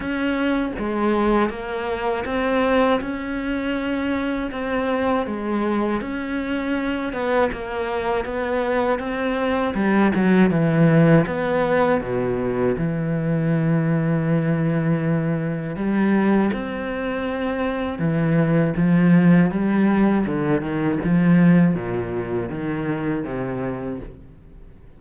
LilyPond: \new Staff \with { instrumentName = "cello" } { \time 4/4 \tempo 4 = 80 cis'4 gis4 ais4 c'4 | cis'2 c'4 gis4 | cis'4. b8 ais4 b4 | c'4 g8 fis8 e4 b4 |
b,4 e2.~ | e4 g4 c'2 | e4 f4 g4 d8 dis8 | f4 ais,4 dis4 c4 | }